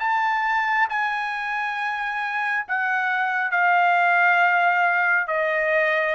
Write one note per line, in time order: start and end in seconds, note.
0.00 0.88 A5
0.89 2.66 G#5
2.68 3.51 F#5
3.51 5.27 F5
5.27 6.15 D#5